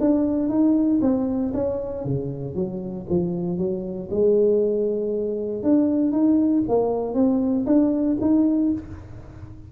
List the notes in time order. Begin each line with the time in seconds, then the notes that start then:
0.00 D4
0.49 D#4
1.01 C4
1.54 C#4
2.05 C#3
2.55 F#3
3.09 F3
3.58 F#3
4.11 G#3
5.63 D4
6.12 D#4
6.68 A#3
7.14 C4
7.66 D4
8.21 D#4